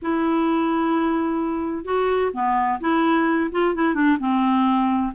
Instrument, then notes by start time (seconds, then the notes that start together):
clarinet
0.01 E4
1.85 F#4
2.33 B3
2.80 E4
3.51 F4
3.74 E4
3.94 D4
4.19 C4